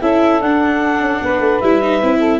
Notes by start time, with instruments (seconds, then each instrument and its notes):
0.00 tuba C#4, viola E4, saxophone A4, clarinet E5
0.40 tuba D4, viola D4, clarinet F#5
1.00 tuba C#4
1.22 tuba B3, saxophone B4
1.39 tuba A3
1.60 tuba G3, viola E4, clarinet E5
1.81 viola D#4
2.01 tuba C4, viola E4
2.18 saxophone A4